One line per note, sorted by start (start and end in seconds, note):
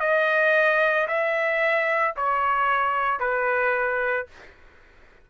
0.00 1.07 D#5
1.08 2.15 E5
2.17 3.19 C#5
3.19 4.27 B4